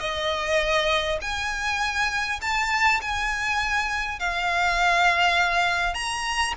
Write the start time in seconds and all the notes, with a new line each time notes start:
0.00 D#5
1.22 G#5
2.41 A5
3.02 G#5
4.20 F5
5.94 A#5